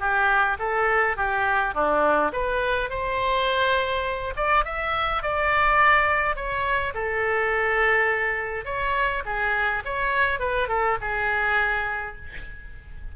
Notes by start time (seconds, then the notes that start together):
0.00 G4
0.60 A4
1.17 G4
1.75 D4
2.33 B4
2.90 C5
4.36 D5
4.65 E5
5.23 D5
6.36 C#5
6.94 A4
8.65 C#5
9.26 G#4
9.85 C#5
10.40 B4
10.69 A4
11.01 G#4